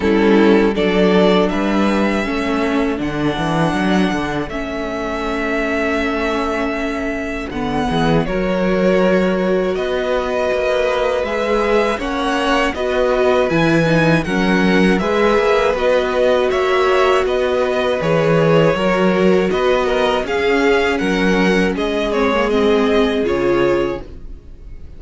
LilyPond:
<<
  \new Staff \with { instrumentName = "violin" } { \time 4/4 \tempo 4 = 80 a'4 d''4 e''2 | fis''2 e''2~ | e''2 fis''4 cis''4~ | cis''4 dis''2 e''4 |
fis''4 dis''4 gis''4 fis''4 | e''4 dis''4 e''4 dis''4 | cis''2 dis''4 f''4 | fis''4 dis''8 cis''8 dis''4 cis''4 | }
  \new Staff \with { instrumentName = "violin" } { \time 4/4 e'4 a'4 b'4 a'4~ | a'1~ | a'2~ a'8 gis'8 ais'4~ | ais'4 b'2. |
cis''4 b'2 ais'4 | b'2 cis''4 b'4~ | b'4 ais'4 b'8 ais'8 gis'4 | ais'4 gis'2. | }
  \new Staff \with { instrumentName = "viola" } { \time 4/4 cis'4 d'2 cis'4 | d'2 cis'2~ | cis'2 b4 fis'4~ | fis'2. gis'4 |
cis'4 fis'4 e'8 dis'8 cis'4 | gis'4 fis'2. | gis'4 fis'2 cis'4~ | cis'4. c'16 ais16 c'4 f'4 | }
  \new Staff \with { instrumentName = "cello" } { \time 4/4 g4 fis4 g4 a4 | d8 e8 fis8 d8 a2~ | a2 d8 e8 fis4~ | fis4 b4 ais4 gis4 |
ais4 b4 e4 fis4 | gis8 ais8 b4 ais4 b4 | e4 fis4 b4 cis'4 | fis4 gis2 cis4 | }
>>